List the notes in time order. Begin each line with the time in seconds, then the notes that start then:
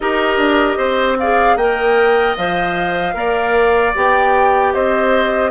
0.00 D#4 G4 A#4 D#5
0.37 D4
0.77 C4 C5
1.19 G#4 D5 F5
1.55 A#3 A#4 D#5 G5
2.37 F3 C5 F5
3.14 A#3 A#4 D5
3.94 B3 G4 G5
4.73 C4 C5 D#5